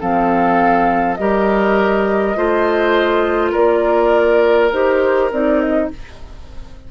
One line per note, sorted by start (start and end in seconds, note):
0.00 1.19 F3
0.00 1.18 C4
0.00 1.18 A4
0.00 1.15 F5
1.15 2.36 G3
1.15 2.36 G4
1.15 2.37 A#4
1.15 3.50 D#5
2.36 3.54 A3
2.36 4.71 F4
2.36 3.52 C5
3.52 4.73 A#3
3.52 5.87 A#4
3.52 4.72 D5
4.72 5.31 D#4
4.72 5.32 G4
4.72 5.31 C5
5.32 5.90 C4
5.32 5.92 D#4
5.32 5.61 D5
5.61 5.91 D#5